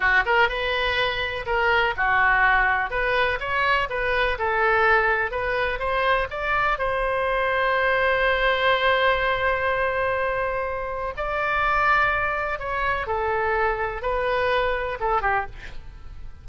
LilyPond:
\new Staff \with { instrumentName = "oboe" } { \time 4/4 \tempo 4 = 124 fis'8 ais'8 b'2 ais'4 | fis'2 b'4 cis''4 | b'4 a'2 b'4 | c''4 d''4 c''2~ |
c''1~ | c''2. d''4~ | d''2 cis''4 a'4~ | a'4 b'2 a'8 g'8 | }